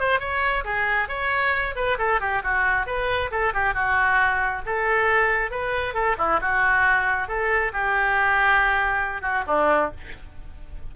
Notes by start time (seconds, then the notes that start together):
0.00 C5
0.20 C#5
0.65 G#4
1.09 C#5
1.76 B4
1.99 A4
2.21 G4
2.44 F#4
2.87 B4
3.32 A4
3.54 G4
3.74 F#4
4.66 A4
5.51 B4
5.95 A4
6.18 E4
6.41 F#4
7.29 A4
7.73 G4
9.22 F#4
9.47 D4